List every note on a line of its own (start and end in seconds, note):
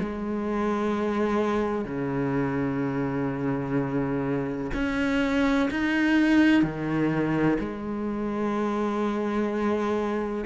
0.00 1.85 G#3
1.85 4.71 C#3
4.74 5.69 C#4
5.71 6.63 D#4
6.63 7.58 D#3
7.60 10.45 G#3